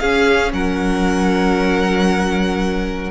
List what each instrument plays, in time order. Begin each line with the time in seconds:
0.00 cello C#4, viola C#4, violin G#4 F5
0.53 cello F#3, violin A#4 F#5